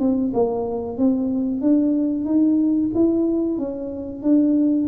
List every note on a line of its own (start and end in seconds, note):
0.00 0.33 C4
0.34 0.98 A#3
0.98 1.62 C4
1.62 2.25 D4
2.25 2.90 D#4
2.95 3.58 E4
3.58 4.23 C#4
4.23 4.88 D4